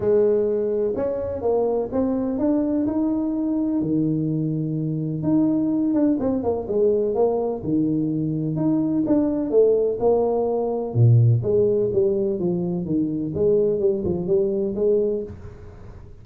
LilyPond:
\new Staff \with { instrumentName = "tuba" } { \time 4/4 \tempo 4 = 126 gis2 cis'4 ais4 | c'4 d'4 dis'2 | dis2. dis'4~ | dis'8 d'8 c'8 ais8 gis4 ais4 |
dis2 dis'4 d'4 | a4 ais2 ais,4 | gis4 g4 f4 dis4 | gis4 g8 f8 g4 gis4 | }